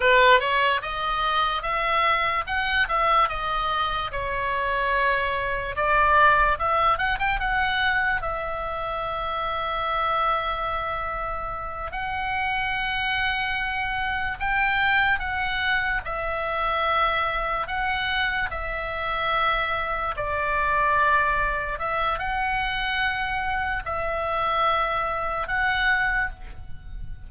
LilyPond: \new Staff \with { instrumentName = "oboe" } { \time 4/4 \tempo 4 = 73 b'8 cis''8 dis''4 e''4 fis''8 e''8 | dis''4 cis''2 d''4 | e''8 fis''16 g''16 fis''4 e''2~ | e''2~ e''8 fis''4.~ |
fis''4. g''4 fis''4 e''8~ | e''4. fis''4 e''4.~ | e''8 d''2 e''8 fis''4~ | fis''4 e''2 fis''4 | }